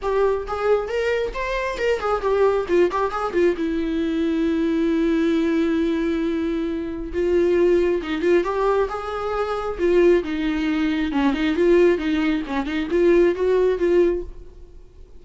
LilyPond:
\new Staff \with { instrumentName = "viola" } { \time 4/4 \tempo 4 = 135 g'4 gis'4 ais'4 c''4 | ais'8 gis'8 g'4 f'8 g'8 gis'8 f'8 | e'1~ | e'1 |
f'2 dis'8 f'8 g'4 | gis'2 f'4 dis'4~ | dis'4 cis'8 dis'8 f'4 dis'4 | cis'8 dis'8 f'4 fis'4 f'4 | }